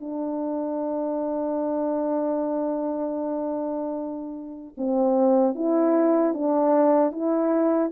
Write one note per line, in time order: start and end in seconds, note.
0.00 4.74 D4
4.78 5.55 C4
5.55 6.34 E4
6.34 7.12 D4
7.12 7.91 E4